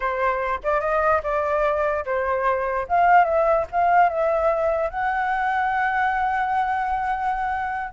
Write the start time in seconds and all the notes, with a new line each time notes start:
0.00 C5
0.63 D5
0.80 D#5
1.23 D5
2.05 C5
2.88 F5
3.24 E5
3.71 F5
4.09 E5
4.89 F#5